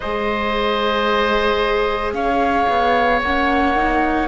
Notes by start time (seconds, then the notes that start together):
0.00 G#3 G#4 C5 D#5
2.13 C#4 C#5 F5
2.69 B3
3.21 A#3 C#4 F#5
3.76 D#4